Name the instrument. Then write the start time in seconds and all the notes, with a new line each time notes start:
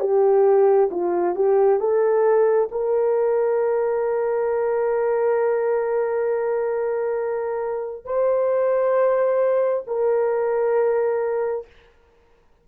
horn
0.00 G4
0.91 F4
1.36 G4
1.80 A4
2.72 A#4
8.05 C5
9.87 A#4